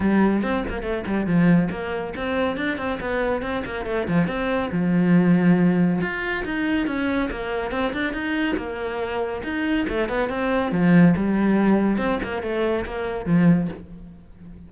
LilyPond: \new Staff \with { instrumentName = "cello" } { \time 4/4 \tempo 4 = 140 g4 c'8 ais8 a8 g8 f4 | ais4 c'4 d'8 c'8 b4 | c'8 ais8 a8 f8 c'4 f4~ | f2 f'4 dis'4 |
cis'4 ais4 c'8 d'8 dis'4 | ais2 dis'4 a8 b8 | c'4 f4 g2 | c'8 ais8 a4 ais4 f4 | }